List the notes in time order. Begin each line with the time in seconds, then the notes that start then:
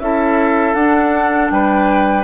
0.00 C#4 E4 A4 E5
0.75 D4 F#5
1.50 G3 B4 G5